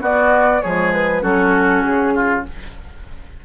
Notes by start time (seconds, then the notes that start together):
0.00 B3 F#4 D5
0.61 F3 G#3 G#4 C#5
0.93 B4
1.21 F#3 C#4 F#4 A4
1.82 C#3 G#4
2.15 F4